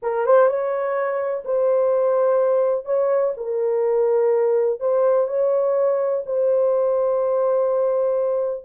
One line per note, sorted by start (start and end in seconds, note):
0.02 0.26 A#4
0.26 0.47 C5
0.47 1.43 C#5
1.44 2.85 C5
2.85 3.33 C#5
3.36 4.80 A#4
4.80 5.27 C5
5.27 6.23 C#5
6.26 8.64 C5